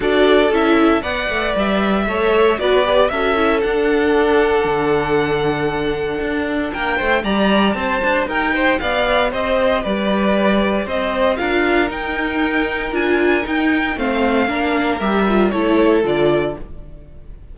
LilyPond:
<<
  \new Staff \with { instrumentName = "violin" } { \time 4/4 \tempo 4 = 116 d''4 e''4 fis''4 e''4~ | e''4 d''4 e''4 fis''4~ | fis''1~ | fis''4 g''4 ais''4 a''4 |
g''4 f''4 dis''4 d''4~ | d''4 dis''4 f''4 g''4~ | g''4 gis''4 g''4 f''4~ | f''4 e''4 cis''4 d''4 | }
  \new Staff \with { instrumentName = "violin" } { \time 4/4 a'2 d''2 | cis''4 b'4 a'2~ | a'1~ | a'4 ais'8 c''8 d''4 c''4 |
ais'8 c''8 d''4 c''4 b'4~ | b'4 c''4 ais'2~ | ais'2. c''4 | ais'2 a'2 | }
  \new Staff \with { instrumentName = "viola" } { \time 4/4 fis'4 e'4 b'2 | a'4 fis'8 g'8 fis'8 e'8 d'4~ | d'1~ | d'2 g'2~ |
g'1~ | g'2 f'4 dis'4~ | dis'4 f'4 dis'4 c'4 | d'4 g'8 f'8 e'4 f'4 | }
  \new Staff \with { instrumentName = "cello" } { \time 4/4 d'4 cis'4 b8 a8 g4 | a4 b4 cis'4 d'4~ | d'4 d2. | d'4 ais8 a8 g4 c'8 d'8 |
dis'4 b4 c'4 g4~ | g4 c'4 d'4 dis'4~ | dis'4 d'4 dis'4 a4 | ais4 g4 a4 d4 | }
>>